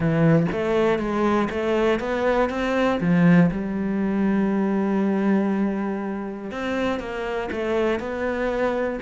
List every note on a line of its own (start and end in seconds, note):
0.00 0.46 E3
0.51 0.98 A3
0.98 1.48 G#3
1.50 1.99 A3
1.99 2.49 B3
2.49 2.99 C4
3.00 3.50 F3
3.51 6.51 G3
6.51 6.99 C4
6.99 7.49 A#3
7.51 7.99 A3
7.99 8.99 B3